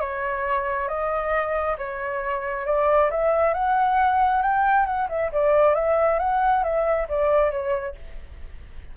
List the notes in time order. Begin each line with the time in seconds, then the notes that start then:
0.00 C#5
0.88 D#5
1.77 C#5
2.66 D5
3.10 E5
3.54 F#5
4.42 G5
4.86 F#5
5.09 E5
5.32 D5
5.75 E5
6.19 F#5
6.63 E5
7.09 D5
7.51 C#5